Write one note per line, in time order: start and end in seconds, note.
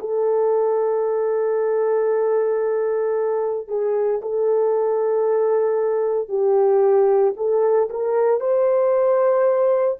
0.00 3.68 A4
3.68 4.21 G#4
4.22 6.29 A4
6.29 7.34 G4
7.37 7.89 A4
7.90 8.41 A#4
8.41 9.99 C5